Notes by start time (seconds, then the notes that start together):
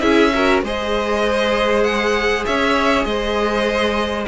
0.00 C#4 E4 G#4 E5
0.35 F#4 A#4
0.63 G#3 G#4 C5 D#5
1.84 F#5
2.46 C#4 C#5 E5
3.05 G#3 C5 D#5